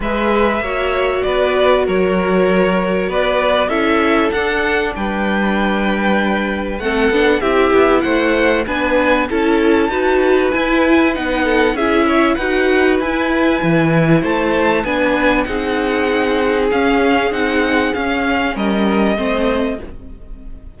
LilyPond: <<
  \new Staff \with { instrumentName = "violin" } { \time 4/4 \tempo 4 = 97 e''2 d''4 cis''4~ | cis''4 d''4 e''4 fis''4 | g''2. fis''4 | e''4 fis''4 gis''4 a''4~ |
a''4 gis''4 fis''4 e''4 | fis''4 gis''2 a''4 | gis''4 fis''2 f''4 | fis''4 f''4 dis''2 | }
  \new Staff \with { instrumentName = "violin" } { \time 4/4 b'4 cis''4 b'4 ais'4~ | ais'4 b'4 a'2 | b'2. a'4 | g'4 c''4 b'4 a'4 |
b'2~ b'8 a'8 gis'8 cis''8 | b'2. c''4 | b'4 gis'2.~ | gis'2 ais'4 c''4 | }
  \new Staff \with { instrumentName = "viola" } { \time 4/4 gis'4 fis'2.~ | fis'2 e'4 d'4~ | d'2. c'8 d'8 | e'2 d'4 e'4 |
fis'4 e'4 dis'4 e'4 | fis'4 e'2. | d'4 dis'2 cis'4 | dis'4 cis'2 c'4 | }
  \new Staff \with { instrumentName = "cello" } { \time 4/4 gis4 ais4 b4 fis4~ | fis4 b4 cis'4 d'4 | g2. a8 b8 | c'8 b8 a4 b4 cis'4 |
dis'4 e'4 b4 cis'4 | dis'4 e'4 e4 a4 | b4 c'2 cis'4 | c'4 cis'4 g4 a4 | }
>>